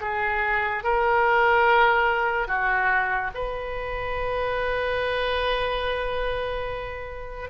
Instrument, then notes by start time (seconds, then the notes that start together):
oboe
0.00 G#4
0.83 A#4
2.47 F#4
3.34 B4